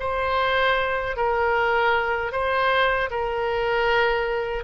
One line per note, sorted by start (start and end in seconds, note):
0.00 1.17 C5
1.17 2.32 A#4
2.32 3.10 C5
3.11 4.64 A#4